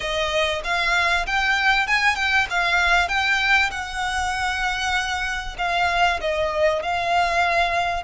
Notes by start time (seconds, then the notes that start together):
0.00 D#5
0.64 F5
1.26 G5
1.87 G#5
2.15 G5
2.49 F5
3.08 G5
3.70 F#5
5.58 F5
6.20 D#5
6.82 F5